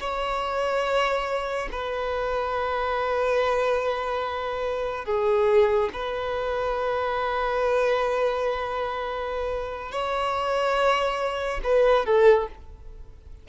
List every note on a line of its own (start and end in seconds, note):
0.00 1.69 C#5
1.71 5.05 B4
5.05 5.90 G#4
5.93 9.91 B4
9.91 11.60 C#5
11.64 12.05 B4
12.05 12.48 A4